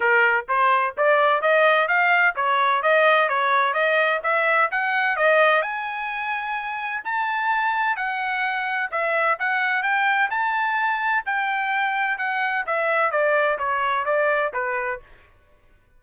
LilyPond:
\new Staff \with { instrumentName = "trumpet" } { \time 4/4 \tempo 4 = 128 ais'4 c''4 d''4 dis''4 | f''4 cis''4 dis''4 cis''4 | dis''4 e''4 fis''4 dis''4 | gis''2. a''4~ |
a''4 fis''2 e''4 | fis''4 g''4 a''2 | g''2 fis''4 e''4 | d''4 cis''4 d''4 b'4 | }